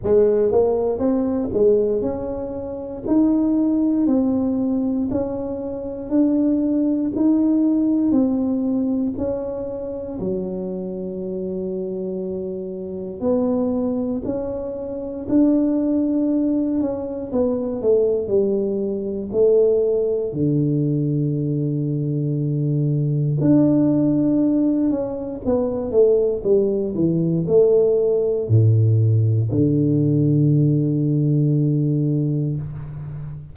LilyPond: \new Staff \with { instrumentName = "tuba" } { \time 4/4 \tempo 4 = 59 gis8 ais8 c'8 gis8 cis'4 dis'4 | c'4 cis'4 d'4 dis'4 | c'4 cis'4 fis2~ | fis4 b4 cis'4 d'4~ |
d'8 cis'8 b8 a8 g4 a4 | d2. d'4~ | d'8 cis'8 b8 a8 g8 e8 a4 | a,4 d2. | }